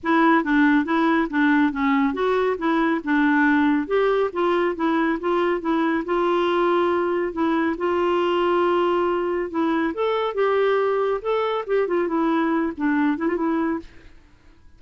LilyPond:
\new Staff \with { instrumentName = "clarinet" } { \time 4/4 \tempo 4 = 139 e'4 d'4 e'4 d'4 | cis'4 fis'4 e'4 d'4~ | d'4 g'4 f'4 e'4 | f'4 e'4 f'2~ |
f'4 e'4 f'2~ | f'2 e'4 a'4 | g'2 a'4 g'8 f'8 | e'4. d'4 e'16 f'16 e'4 | }